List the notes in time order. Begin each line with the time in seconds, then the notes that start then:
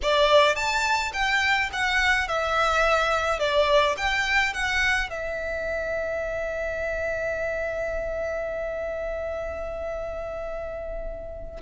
0.02 D5
0.55 A5
1.13 G5
1.73 F#5
2.28 E5
3.39 D5
3.97 G5
4.53 F#5
5.10 E5